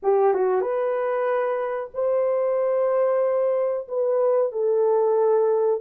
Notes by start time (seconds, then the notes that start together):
0.02 G4
0.33 F#4
0.61 B4
1.94 C5
3.88 B4
4.52 A4